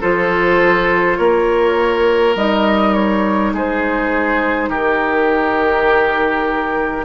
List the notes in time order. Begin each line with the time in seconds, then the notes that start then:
0.00 F3 F4 A4 C5
1.17 A#3 A#4 C#5
2.35 G3 D#4 D#5
2.94 C#5
3.53 G#3 G#4 C5
4.68 D#3 G4 A#4